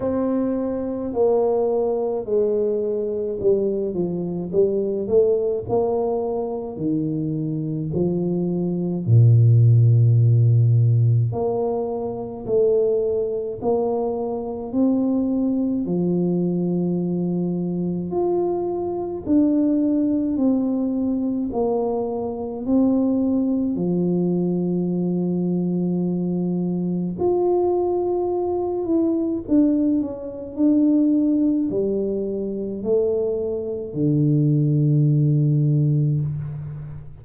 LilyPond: \new Staff \with { instrumentName = "tuba" } { \time 4/4 \tempo 4 = 53 c'4 ais4 gis4 g8 f8 | g8 a8 ais4 dis4 f4 | ais,2 ais4 a4 | ais4 c'4 f2 |
f'4 d'4 c'4 ais4 | c'4 f2. | f'4. e'8 d'8 cis'8 d'4 | g4 a4 d2 | }